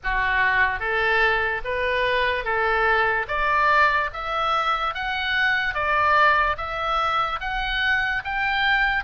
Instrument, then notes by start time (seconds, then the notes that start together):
oboe
0.03 F#4
0.79 A4
1.64 B4
2.44 A4
3.28 D5
4.13 E5
4.94 F#5
5.74 D5
6.57 E5
7.40 F#5
8.24 G5